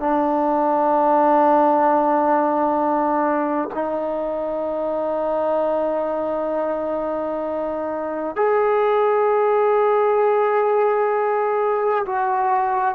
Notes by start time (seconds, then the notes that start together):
0.00 D4
3.74 D#4
8.36 G#4
12.06 F#4